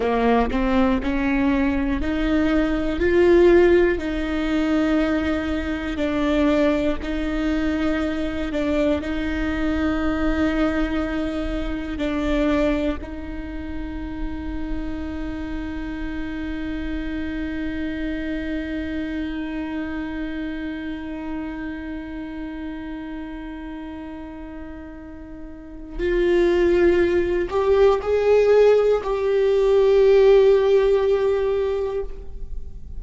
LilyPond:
\new Staff \with { instrumentName = "viola" } { \time 4/4 \tempo 4 = 60 ais8 c'8 cis'4 dis'4 f'4 | dis'2 d'4 dis'4~ | dis'8 d'8 dis'2. | d'4 dis'2.~ |
dis'1~ | dis'1~ | dis'2 f'4. g'8 | gis'4 g'2. | }